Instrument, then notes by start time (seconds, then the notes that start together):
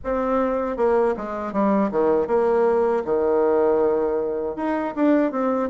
bassoon
0.03 C4
0.76 A#3
1.16 G#3
1.52 G3
1.91 D#3
2.27 A#3
3.04 D#3
4.56 D#4
4.95 D4
5.31 C4